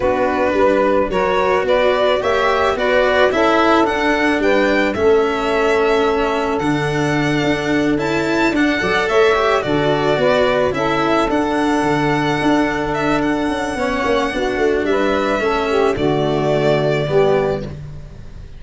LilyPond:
<<
  \new Staff \with { instrumentName = "violin" } { \time 4/4 \tempo 4 = 109 b'2 cis''4 d''4 | e''4 d''4 e''4 fis''4 | g''4 e''2. | fis''2~ fis''8 a''4 fis''8~ |
fis''8 e''4 d''2 e''8~ | e''8 fis''2. e''8 | fis''2. e''4~ | e''4 d''2. | }
  \new Staff \with { instrumentName = "saxophone" } { \time 4/4 fis'4 b'4 ais'4 b'4 | cis''4 b'4 a'2 | b'4 a'2.~ | a'1 |
d''8 cis''4 a'4 b'4 a'8~ | a'1~ | a'4 cis''4 fis'4 b'4 | a'8 g'8 fis'2 g'4 | }
  \new Staff \with { instrumentName = "cello" } { \time 4/4 d'2 fis'2 | g'4 fis'4 e'4 d'4~ | d'4 cis'2. | d'2~ d'8 e'4 d'8 |
a'4 g'8 fis'2 e'8~ | e'8 d'2.~ d'8~ | d'4 cis'4 d'2 | cis'4 a2 b4 | }
  \new Staff \with { instrumentName = "tuba" } { \time 4/4 b4 g4 fis4 b4 | ais4 b4 cis'4 d'4 | g4 a2. | d4. d'4 cis'4 d'8 |
fis8 a4 d4 b4 cis'8~ | cis'8 d'4 d4 d'4.~ | d'8 cis'8 b8 ais8 b8 a8 g4 | a4 d2 g4 | }
>>